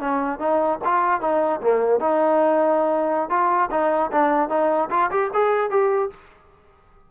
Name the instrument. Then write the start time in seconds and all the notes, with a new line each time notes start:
trombone
0.00 C#4
0.39 D#4
0.84 F4
1.21 D#4
1.61 A#3
2.00 D#4
3.30 F4
3.71 D#4
4.12 D4
4.49 D#4
4.91 F4
5.11 G4
5.34 G#4
5.71 G4